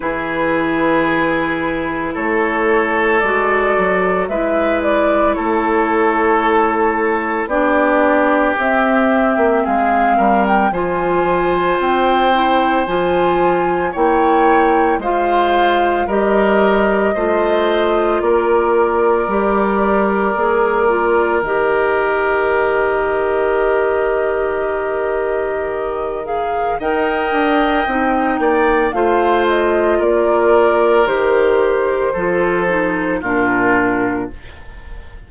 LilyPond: <<
  \new Staff \with { instrumentName = "flute" } { \time 4/4 \tempo 4 = 56 b'2 cis''4 d''4 | e''8 d''8 cis''2 d''4 | e''4 f''8. g''16 gis''4 g''4 | gis''4 g''4 f''4 dis''4~ |
dis''4 d''2. | dis''1~ | dis''8 f''8 g''2 f''8 dis''8 | d''4 c''2 ais'4 | }
  \new Staff \with { instrumentName = "oboe" } { \time 4/4 gis'2 a'2 | b'4 a'2 g'4~ | g'4 gis'8 ais'8 c''2~ | c''4 cis''4 c''4 ais'4 |
c''4 ais'2.~ | ais'1~ | ais'4 dis''4. d''8 c''4 | ais'2 a'4 f'4 | }
  \new Staff \with { instrumentName = "clarinet" } { \time 4/4 e'2. fis'4 | e'2. d'4 | c'2 f'4. e'8 | f'4 e'4 f'4 g'4 |
f'2 g'4 gis'8 f'8 | g'1~ | g'8 gis'8 ais'4 dis'4 f'4~ | f'4 g'4 f'8 dis'8 d'4 | }
  \new Staff \with { instrumentName = "bassoon" } { \time 4/4 e2 a4 gis8 fis8 | gis4 a2 b4 | c'8. ais16 gis8 g8 f4 c'4 | f4 ais4 gis4 g4 |
a4 ais4 g4 ais4 | dis1~ | dis4 dis'8 d'8 c'8 ais8 a4 | ais4 dis4 f4 ais,4 | }
>>